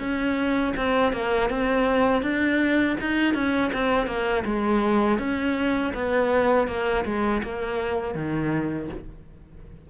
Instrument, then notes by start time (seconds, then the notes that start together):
cello
0.00 C#4
0.77 C4
1.13 A#3
1.51 C4
2.23 D4
3.01 D#4
3.35 C#4
3.74 C4
4.07 A#3
4.46 G#3
5.19 C#4
5.95 B3
6.68 A#3
7.05 G#3
7.44 A#3
8.15 D#3